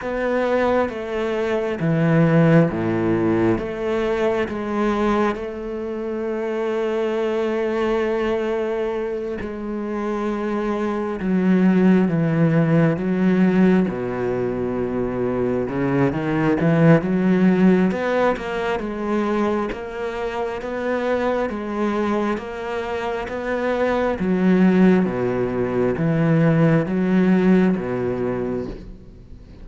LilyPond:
\new Staff \with { instrumentName = "cello" } { \time 4/4 \tempo 4 = 67 b4 a4 e4 a,4 | a4 gis4 a2~ | a2~ a8 gis4.~ | gis8 fis4 e4 fis4 b,8~ |
b,4. cis8 dis8 e8 fis4 | b8 ais8 gis4 ais4 b4 | gis4 ais4 b4 fis4 | b,4 e4 fis4 b,4 | }